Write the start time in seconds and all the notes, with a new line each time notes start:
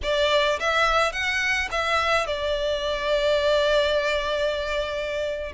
0.02 D5
0.59 E5
1.12 F#5
1.71 E5
2.26 D5